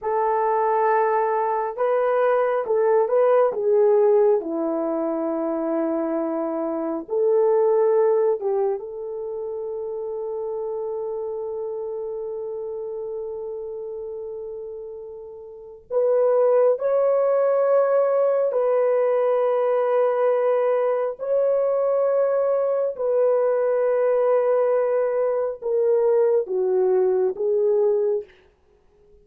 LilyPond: \new Staff \with { instrumentName = "horn" } { \time 4/4 \tempo 4 = 68 a'2 b'4 a'8 b'8 | gis'4 e'2. | a'4. g'8 a'2~ | a'1~ |
a'2 b'4 cis''4~ | cis''4 b'2. | cis''2 b'2~ | b'4 ais'4 fis'4 gis'4 | }